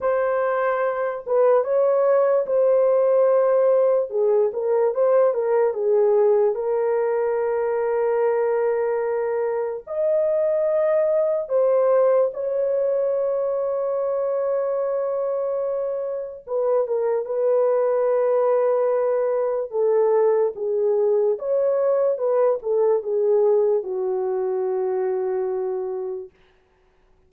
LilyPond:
\new Staff \with { instrumentName = "horn" } { \time 4/4 \tempo 4 = 73 c''4. b'8 cis''4 c''4~ | c''4 gis'8 ais'8 c''8 ais'8 gis'4 | ais'1 | dis''2 c''4 cis''4~ |
cis''1 | b'8 ais'8 b'2. | a'4 gis'4 cis''4 b'8 a'8 | gis'4 fis'2. | }